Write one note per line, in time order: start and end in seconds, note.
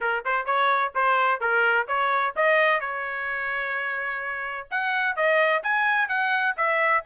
0.00 0.24 A#4
0.24 0.45 C5
0.45 0.92 C#5
0.94 1.40 C5
1.40 1.87 A#4
1.87 2.34 C#5
2.36 2.80 D#5
2.80 4.67 C#5
4.70 5.16 F#5
5.16 5.62 D#5
5.63 6.08 G#5
6.08 6.55 F#5
6.56 7.03 E5